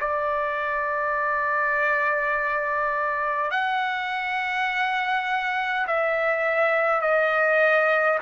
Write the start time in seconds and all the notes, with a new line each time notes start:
0.00 D5
3.51 F#5
5.87 E5
7.01 D#5